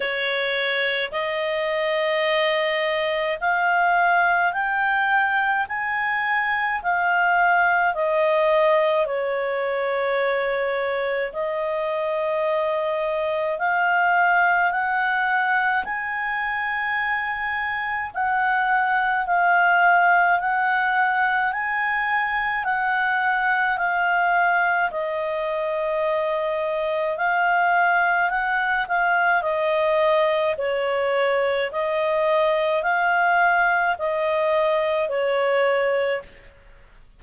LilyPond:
\new Staff \with { instrumentName = "clarinet" } { \time 4/4 \tempo 4 = 53 cis''4 dis''2 f''4 | g''4 gis''4 f''4 dis''4 | cis''2 dis''2 | f''4 fis''4 gis''2 |
fis''4 f''4 fis''4 gis''4 | fis''4 f''4 dis''2 | f''4 fis''8 f''8 dis''4 cis''4 | dis''4 f''4 dis''4 cis''4 | }